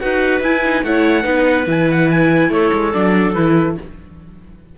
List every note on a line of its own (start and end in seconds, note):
0.00 0.41 D#4
0.00 0.42 F#4
0.00 0.86 B4
0.00 0.42 F#5
0.41 0.83 E4
0.41 0.64 E4
0.41 0.84 G#5
0.65 0.85 D#4
0.83 1.25 A3
0.83 1.24 E4
0.83 1.23 C#5
0.83 1.68 F#5
1.23 1.67 B3
1.23 1.65 D#4
1.23 2.49 B4
1.66 2.49 E3
1.66 2.92 E4
1.66 1.90 G#5
1.91 2.11 F#5
2.11 2.52 G#5
2.49 2.70 A3
2.49 3.78 A4
2.49 2.94 C#5
2.73 2.94 G#3
2.93 3.35 F#3
2.93 3.35 D4
2.93 3.34 D5
3.34 3.77 E3
3.34 3.78 E4
3.34 3.76 B4